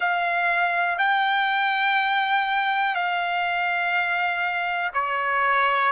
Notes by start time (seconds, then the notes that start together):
0.00 F5
0.98 G5
2.95 F5
4.93 C#5